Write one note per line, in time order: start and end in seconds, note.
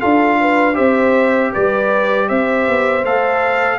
0.00 0.79 D4
0.00 0.74 F4
0.00 0.38 A4
0.00 0.76 F5
0.41 0.75 B4
0.74 1.55 C4
0.74 3.02 G4
0.74 1.51 C5
0.74 1.52 E5
1.53 2.30 G3
1.53 2.29 B4
1.53 2.29 D5
2.29 2.68 C4
2.29 3.80 C5
2.29 3.05 E5
2.68 3.05 B3
3.05 3.80 A3
3.05 3.80 A4
3.05 3.80 F5